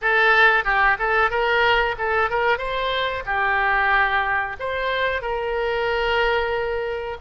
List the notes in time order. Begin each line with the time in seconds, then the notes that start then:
0.01 A4
0.64 G4
0.98 A4
1.30 A#4
1.97 A4
2.30 A#4
2.58 C5
3.25 G4
4.59 C5
5.21 A#4